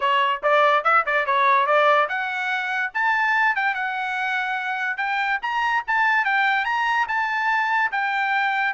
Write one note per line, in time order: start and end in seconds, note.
0.00 0.41 C#5
0.42 0.84 D5
0.84 1.05 E5
1.06 1.26 D5
1.26 1.66 C#5
1.66 2.08 D5
2.08 2.92 F#5
2.93 3.55 A5
3.55 3.74 G5
3.74 4.97 F#5
4.97 5.39 G5
5.42 5.83 A#5
5.87 6.24 A5
6.24 6.65 G5
6.65 7.06 A#5
7.07 7.91 A5
7.91 8.73 G5